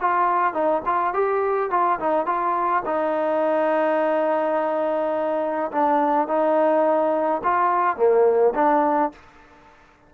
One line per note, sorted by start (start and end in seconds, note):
0.00 0.53 F4
0.53 0.82 D#4
0.85 1.13 F4
1.13 1.70 G4
1.70 1.99 F4
1.99 2.25 D#4
2.25 2.83 F4
2.85 5.71 D#4
5.71 6.27 D4
6.27 7.42 D#4
7.43 7.96 F4
7.96 8.54 A#3
8.55 9.12 D4